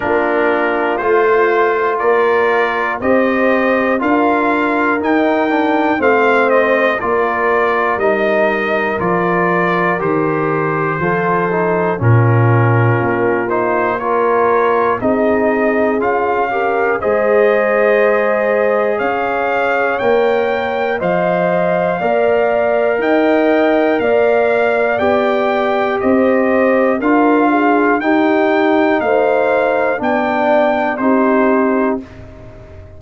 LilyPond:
<<
  \new Staff \with { instrumentName = "trumpet" } { \time 4/4 \tempo 4 = 60 ais'4 c''4 d''4 dis''4 | f''4 g''4 f''8 dis''8 d''4 | dis''4 d''4 c''2 | ais'4. c''8 cis''4 dis''4 |
f''4 dis''2 f''4 | g''4 f''2 g''4 | f''4 g''4 dis''4 f''4 | g''4 f''4 g''4 c''4 | }
  \new Staff \with { instrumentName = "horn" } { \time 4/4 f'2 ais'4 c''4 | ais'2 c''4 ais'4~ | ais'2. a'4 | f'2 ais'4 gis'4~ |
gis'8 ais'8 c''2 cis''4~ | cis''4 dis''4 d''4 dis''4 | d''2 c''4 ais'8 gis'8 | g'4 c''4 d''4 g'4 | }
  \new Staff \with { instrumentName = "trombone" } { \time 4/4 d'4 f'2 g'4 | f'4 dis'8 d'8 c'4 f'4 | dis'4 f'4 g'4 f'8 dis'8 | cis'4. dis'8 f'4 dis'4 |
f'8 g'8 gis'2. | ais'4 c''4 ais'2~ | ais'4 g'2 f'4 | dis'2 d'4 dis'4 | }
  \new Staff \with { instrumentName = "tuba" } { \time 4/4 ais4 a4 ais4 c'4 | d'4 dis'4 a4 ais4 | g4 f4 dis4 f4 | ais,4 ais2 c'4 |
cis'4 gis2 cis'4 | ais4 f4 ais4 dis'4 | ais4 b4 c'4 d'4 | dis'4 a4 b4 c'4 | }
>>